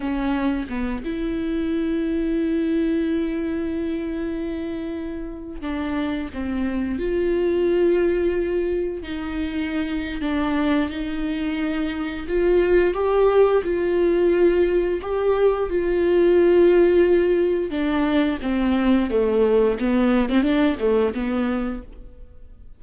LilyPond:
\new Staff \with { instrumentName = "viola" } { \time 4/4 \tempo 4 = 88 cis'4 b8 e'2~ e'8~ | e'1~ | e'16 d'4 c'4 f'4.~ f'16~ | f'4~ f'16 dis'4.~ dis'16 d'4 |
dis'2 f'4 g'4 | f'2 g'4 f'4~ | f'2 d'4 c'4 | a4 b8. c'16 d'8 a8 b4 | }